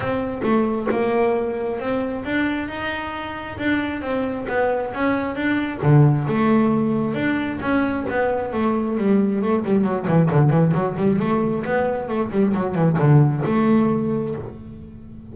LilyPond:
\new Staff \with { instrumentName = "double bass" } { \time 4/4 \tempo 4 = 134 c'4 a4 ais2 | c'4 d'4 dis'2 | d'4 c'4 b4 cis'4 | d'4 d4 a2 |
d'4 cis'4 b4 a4 | g4 a8 g8 fis8 e8 d8 e8 | fis8 g8 a4 b4 a8 g8 | fis8 e8 d4 a2 | }